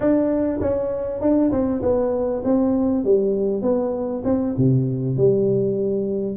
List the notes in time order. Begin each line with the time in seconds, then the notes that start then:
0.00 D4
0.60 C#4
1.21 D4
1.51 C4
1.82 B3
2.44 C4
3.04 G3
3.62 B3
4.24 C4
4.57 C3
5.17 G3